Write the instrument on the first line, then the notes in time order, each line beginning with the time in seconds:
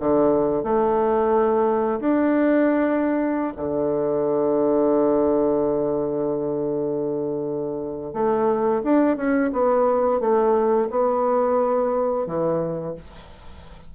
bassoon
0.00 D3
0.64 A3
2.01 D4
3.57 D3
8.14 A3
8.85 D4
9.17 C#4
9.53 B3
10.21 A3
10.91 B3
12.27 E3